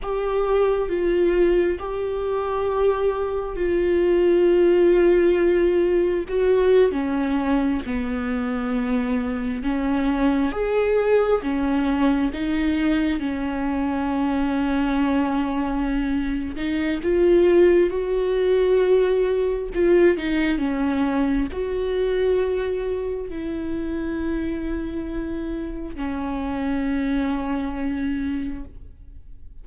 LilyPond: \new Staff \with { instrumentName = "viola" } { \time 4/4 \tempo 4 = 67 g'4 f'4 g'2 | f'2. fis'8. cis'16~ | cis'8. b2 cis'4 gis'16~ | gis'8. cis'4 dis'4 cis'4~ cis'16~ |
cis'2~ cis'8 dis'8 f'4 | fis'2 f'8 dis'8 cis'4 | fis'2 e'2~ | e'4 cis'2. | }